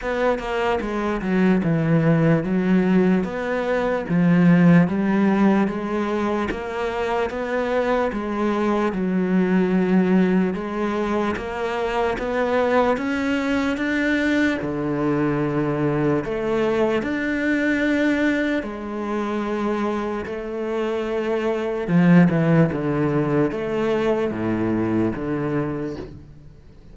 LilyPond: \new Staff \with { instrumentName = "cello" } { \time 4/4 \tempo 4 = 74 b8 ais8 gis8 fis8 e4 fis4 | b4 f4 g4 gis4 | ais4 b4 gis4 fis4~ | fis4 gis4 ais4 b4 |
cis'4 d'4 d2 | a4 d'2 gis4~ | gis4 a2 f8 e8 | d4 a4 a,4 d4 | }